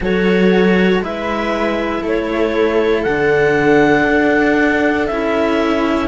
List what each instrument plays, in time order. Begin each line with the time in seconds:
0.00 cello F#3 F#4, viola A4, clarinet C#5
1.00 cello G#3 E4, viola B4, clarinet E5
2.01 cello A3, viola A4
2.08 clarinet C#5
3.03 cello D3 D4, clarinet F#5
4.07 cello D4
5.06 cello C#4 E4, clarinet E5